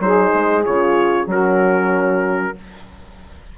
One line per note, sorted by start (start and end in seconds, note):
0.00 0.32 F#3
0.00 0.65 D#4
0.00 1.29 G#4
0.00 0.65 C5
0.34 0.66 G#3
0.65 1.27 C#3
0.65 1.29 F4
0.65 1.28 C#5
1.27 2.53 F#3
1.27 2.55 C#4
1.27 2.56 F#4
1.27 2.58 A#4